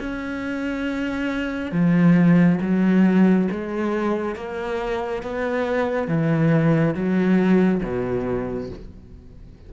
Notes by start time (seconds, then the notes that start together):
0.00 C#4
1.72 F3
2.62 F#3
3.51 G#3
4.36 A#3
5.23 B3
6.08 E3
6.95 F#3
7.83 B2